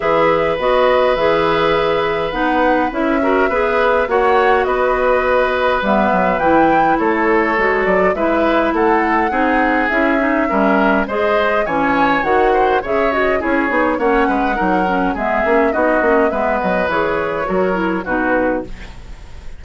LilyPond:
<<
  \new Staff \with { instrumentName = "flute" } { \time 4/4 \tempo 4 = 103 e''4 dis''4 e''2 | fis''4 e''2 fis''4 | dis''2 e''4 g''4 | cis''4. d''8 e''4 fis''4~ |
fis''4 e''2 dis''4 | gis''4 fis''4 e''8 dis''8 cis''4 | fis''2 e''4 dis''4 | e''8 dis''8 cis''2 b'4 | }
  \new Staff \with { instrumentName = "oboe" } { \time 4/4 b'1~ | b'4. ais'8 b'4 cis''4 | b'1 | a'2 b'4 a'4 |
gis'2 ais'4 c''4 | cis''4. c''8 cis''4 gis'4 | cis''8 b'8 ais'4 gis'4 fis'4 | b'2 ais'4 fis'4 | }
  \new Staff \with { instrumentName = "clarinet" } { \time 4/4 gis'4 fis'4 gis'2 | dis'4 e'8 fis'8 gis'4 fis'4~ | fis'2 b4 e'4~ | e'4 fis'4 e'2 |
dis'4 e'8 dis'8 cis'4 gis'4 | cis'4 fis'4 gis'8 fis'8 e'8 dis'8 | cis'4 dis'8 cis'8 b8 cis'8 dis'8 cis'8 | b4 gis'4 fis'8 e'8 dis'4 | }
  \new Staff \with { instrumentName = "bassoon" } { \time 4/4 e4 b4 e2 | b4 cis'4 b4 ais4 | b2 g8 fis8 e4 | a4 gis8 fis8 gis4 a4 |
c'4 cis'4 g4 gis4 | e4 dis4 cis4 cis'8 b8 | ais8 gis8 fis4 gis8 ais8 b8 ais8 | gis8 fis8 e4 fis4 b,4 | }
>>